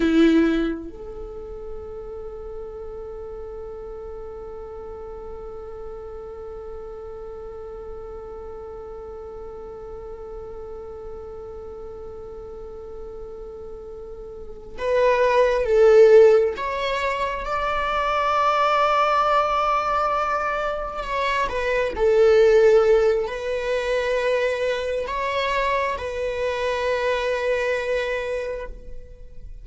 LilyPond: \new Staff \with { instrumentName = "viola" } { \time 4/4 \tempo 4 = 67 e'4 a'2.~ | a'1~ | a'1~ | a'1~ |
a'8 b'4 a'4 cis''4 d''8~ | d''2.~ d''8 cis''8 | b'8 a'4. b'2 | cis''4 b'2. | }